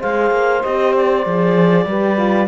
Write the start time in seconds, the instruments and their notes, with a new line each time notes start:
0.00 cello G#3, horn G#4, saxophone C5, clarinet F5
0.31 cello A#3
0.63 cello C4, horn G4, clarinet D#5
0.96 clarinet D5
1.26 cello F3, horn G#4
1.86 cello G3, horn G4, saxophone B4
2.18 horn F4